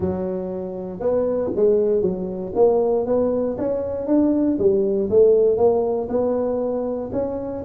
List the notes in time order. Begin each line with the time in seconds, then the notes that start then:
0.00 F#3
0.99 B3
1.55 G#3
2.01 F#3
2.55 A#3
3.06 B3
3.58 C#4
4.06 D4
4.58 G3
5.09 A3
5.57 A#3
6.08 B3
7.12 C#4